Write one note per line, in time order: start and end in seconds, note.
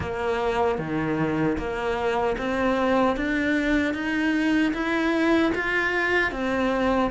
0.00 0.78 A#3
0.78 1.57 D#3
1.57 2.36 A#3
2.38 3.16 C4
3.16 3.94 D4
3.94 4.73 D#4
4.73 5.52 E4
5.54 6.31 F4
6.31 7.10 C4